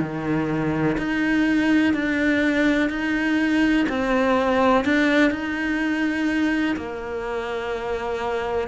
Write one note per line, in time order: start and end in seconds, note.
0.00 0.97 D#3
0.97 1.94 D#4
1.94 2.89 D4
2.89 3.86 D#4
3.88 4.84 C4
4.84 5.31 D4
5.31 6.76 D#4
6.77 8.68 A#3